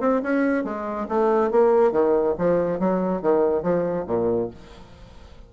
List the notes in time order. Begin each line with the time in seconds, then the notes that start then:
0.00 C4
0.22 C#4
0.64 G#3
1.08 A3
1.51 A#3
1.91 D#3
2.38 F3
2.79 F#3
3.21 D#3
3.62 F3
4.07 A#2